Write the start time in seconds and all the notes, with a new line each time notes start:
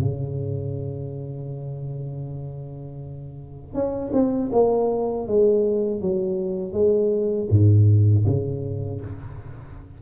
0.00 C#3
3.74 C#4
4.13 C4
4.52 A#3
5.28 G#3
6.01 F#3
6.73 G#3
7.50 G#2
8.26 C#3